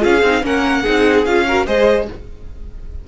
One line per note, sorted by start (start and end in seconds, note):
0.00 0.22 C#4
0.00 0.21 F4
0.00 0.42 G#4
0.00 0.45 F5
0.22 0.43 C4
0.22 0.43 D#4
0.43 0.84 A#3
0.43 0.84 C#4
0.43 0.83 A#4
0.43 1.25 F#5
0.83 1.26 C4
0.83 1.26 D#4
0.83 1.44 G#4
1.25 1.67 C#4
1.25 1.47 F4
1.25 1.66 F5
1.48 1.67 F#4
1.48 1.66 A#4
1.66 2.08 G#3
1.66 2.08 G#4
1.66 2.07 C5
1.66 2.08 D#5